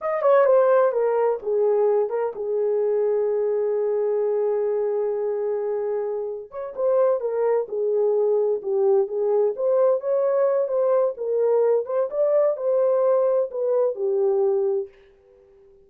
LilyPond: \new Staff \with { instrumentName = "horn" } { \time 4/4 \tempo 4 = 129 dis''8 cis''8 c''4 ais'4 gis'4~ | gis'8 ais'8 gis'2.~ | gis'1~ | gis'2 cis''8 c''4 ais'8~ |
ais'8 gis'2 g'4 gis'8~ | gis'8 c''4 cis''4. c''4 | ais'4. c''8 d''4 c''4~ | c''4 b'4 g'2 | }